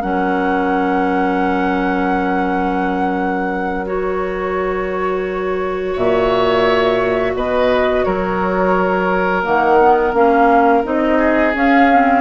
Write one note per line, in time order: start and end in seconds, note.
0.00 5.95 F#3
0.00 3.85 C#4
0.00 5.93 A#4
0.00 3.85 F#5
3.85 9.43 F#4
3.85 5.95 C#5
5.93 7.34 A#2
5.93 7.32 C#5
5.93 7.35 E5
7.34 8.04 B2
7.34 8.05 B4
7.34 8.04 D#5
8.04 9.45 F#3
8.04 11.18 A#4
8.04 9.43 C#5
9.43 10.13 D#3
9.43 9.78 A#3
9.43 10.13 F#5
9.80 10.14 B3
10.13 10.83 A#3
10.13 10.83 C#4
10.13 10.84 F5
10.83 11.54 C4
10.83 11.53 D#4
10.83 11.55 D#5
11.18 12.20 G#4
11.54 12.20 C#4
11.54 11.89 C#4
11.54 12.20 F5
11.92 12.20 C4